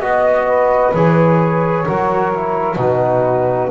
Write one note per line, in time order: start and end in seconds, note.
0.00 0.92 B3
0.00 0.94 F#4
0.00 0.93 D#5
0.00 0.47 D#5
0.47 1.85 B4
0.93 1.87 E3
0.93 1.87 G#4
0.93 2.78 C#5
1.85 2.77 F#3
1.85 2.34 F#4
1.85 2.77 A#4
2.34 2.77 E4
2.77 3.69 B2
2.77 3.69 D#4
2.77 3.71 F#4
2.77 3.71 B4